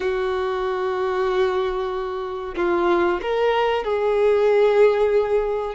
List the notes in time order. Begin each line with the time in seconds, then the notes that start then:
0.00 F#4
2.56 F4
3.21 A#4
3.84 G#4